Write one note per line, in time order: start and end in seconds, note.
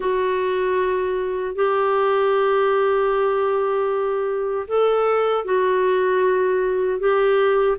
0.00 1.55 F#4
1.55 4.66 G4
4.67 5.44 A4
5.44 6.99 F#4
6.99 7.77 G4